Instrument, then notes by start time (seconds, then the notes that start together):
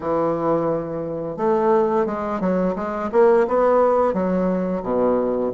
bassoon
0.00 E3
1.36 A3
2.06 G#3
2.40 F#3
2.75 G#3
3.12 A#3
3.47 B3
4.13 F#3
4.82 B2